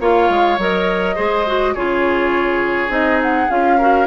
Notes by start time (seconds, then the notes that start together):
0.00 A#3 F4 C#5 F5
0.29 G#3
0.58 F#3 A#4 D#5
1.16 G#3 G#4 C5
1.47 F#4
1.74 C#3 F4 G#4 C#5
2.89 C4 D#4 D#5
3.22 F#5
3.50 C#4 F4 F5
3.78 F#4 A#4